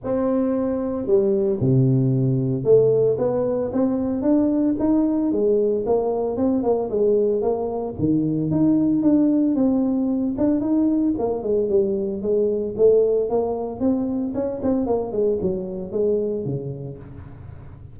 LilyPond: \new Staff \with { instrumentName = "tuba" } { \time 4/4 \tempo 4 = 113 c'2 g4 c4~ | c4 a4 b4 c'4 | d'4 dis'4 gis4 ais4 | c'8 ais8 gis4 ais4 dis4 |
dis'4 d'4 c'4. d'8 | dis'4 ais8 gis8 g4 gis4 | a4 ais4 c'4 cis'8 c'8 | ais8 gis8 fis4 gis4 cis4 | }